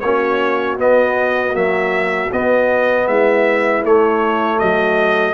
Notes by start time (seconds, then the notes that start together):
0.00 A#3 C#4 F#4 C#5
0.77 B3 D#5
1.53 F#3 A#3 E5
2.31 B3 D#5
3.07 G#3 E4 E5
3.83 A3 C#5
4.57 F#3 F#4 D#5